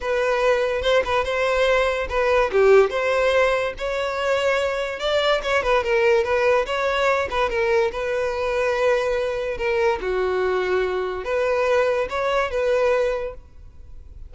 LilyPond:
\new Staff \with { instrumentName = "violin" } { \time 4/4 \tempo 4 = 144 b'2 c''8 b'8 c''4~ | c''4 b'4 g'4 c''4~ | c''4 cis''2. | d''4 cis''8 b'8 ais'4 b'4 |
cis''4. b'8 ais'4 b'4~ | b'2. ais'4 | fis'2. b'4~ | b'4 cis''4 b'2 | }